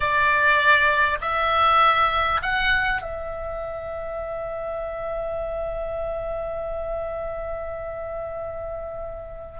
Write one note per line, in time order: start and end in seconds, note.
0.00 1.18 D5
1.21 2.41 E5
2.42 3.01 F#5
3.01 9.59 E5